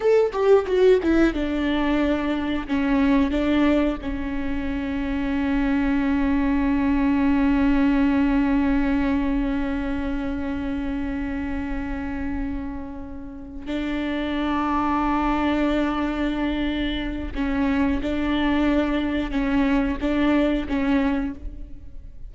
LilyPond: \new Staff \with { instrumentName = "viola" } { \time 4/4 \tempo 4 = 90 a'8 g'8 fis'8 e'8 d'2 | cis'4 d'4 cis'2~ | cis'1~ | cis'1~ |
cis'1~ | cis'8 d'2.~ d'8~ | d'2 cis'4 d'4~ | d'4 cis'4 d'4 cis'4 | }